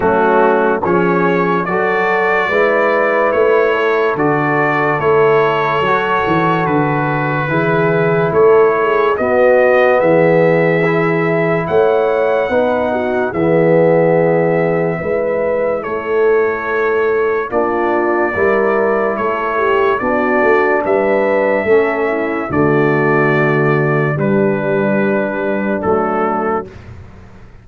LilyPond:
<<
  \new Staff \with { instrumentName = "trumpet" } { \time 4/4 \tempo 4 = 72 fis'4 cis''4 d''2 | cis''4 d''4 cis''2 | b'2 cis''4 dis''4 | e''2 fis''2 |
e''2. cis''4~ | cis''4 d''2 cis''4 | d''4 e''2 d''4~ | d''4 b'2 a'4 | }
  \new Staff \with { instrumentName = "horn" } { \time 4/4 cis'4 gis'4 a'4 b'4~ | b'8 a'2.~ a'8~ | a'4 gis'4 a'8 gis'8 fis'4 | gis'2 cis''4 b'8 fis'8 |
gis'2 b'4 a'4~ | a'4 f'4 ais'4 a'8 g'8 | fis'4 b'4 a'8 e'8 fis'4~ | fis'4 d'2. | }
  \new Staff \with { instrumentName = "trombone" } { \time 4/4 a4 cis'4 fis'4 e'4~ | e'4 fis'4 e'4 fis'4~ | fis'4 e'2 b4~ | b4 e'2 dis'4 |
b2 e'2~ | e'4 d'4 e'2 | d'2 cis'4 a4~ | a4 g2 a4 | }
  \new Staff \with { instrumentName = "tuba" } { \time 4/4 fis4 f4 fis4 gis4 | a4 d4 a4 fis8 e8 | d4 e4 a4 b4 | e2 a4 b4 |
e2 gis4 a4~ | a4 ais4 g4 a4 | b8 a8 g4 a4 d4~ | d4 g2 fis4 | }
>>